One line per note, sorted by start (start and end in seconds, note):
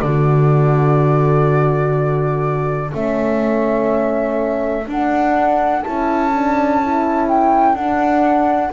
0.00 2.93 D3
0.00 2.91 F#4
0.00 8.73 A4
0.00 2.90 D5
2.91 4.87 A3
2.91 4.85 C#4
2.91 4.88 E5
4.86 5.83 D4
4.86 5.84 D4
4.86 5.82 F#5
5.82 7.75 C#4
5.82 6.32 E4
5.82 7.27 A5
6.35 6.82 D4
6.82 7.75 E4
7.28 7.75 G5
7.75 8.72 D4
7.75 8.72 F#5